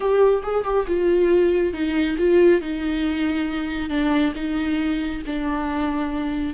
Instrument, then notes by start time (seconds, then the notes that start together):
viola
0.00 G4
0.42 G#4
0.64 G4
0.87 F4
1.73 D#4
2.17 F4
2.61 D#4
3.89 D4
4.35 D#4
5.26 D4